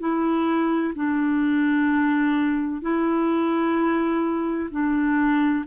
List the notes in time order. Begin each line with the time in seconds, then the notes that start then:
0.00 E4
0.95 D4
2.82 E4
4.71 D4